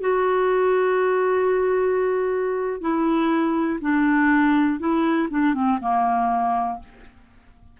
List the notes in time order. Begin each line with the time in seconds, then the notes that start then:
0.00 F#4
2.81 E4
3.81 D4
4.79 E4
5.30 D4
5.54 C4
5.81 A#3